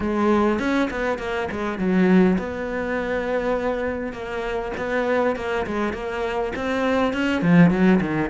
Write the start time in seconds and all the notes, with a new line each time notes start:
0.00 G#3
0.59 C#4
0.90 B3
1.18 A#3
1.51 G#3
1.78 F#3
2.38 B3
4.12 A#3
4.77 B3
5.36 A#3
5.66 G#3
5.93 A#3
6.55 C4
7.13 C#4
7.41 F3
7.70 F#3
8.00 D#3